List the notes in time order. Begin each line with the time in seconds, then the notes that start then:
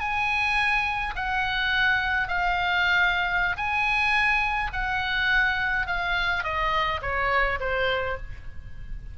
0.00 G#5
1.16 F#5
2.28 F5
3.57 G#5
4.73 F#5
5.87 F5
6.43 D#5
7.02 C#5
7.60 C5